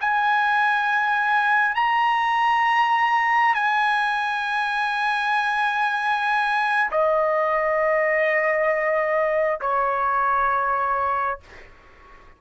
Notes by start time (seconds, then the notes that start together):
0.00 G#5
1.75 A#5
3.54 G#5
6.91 D#5
9.61 C#5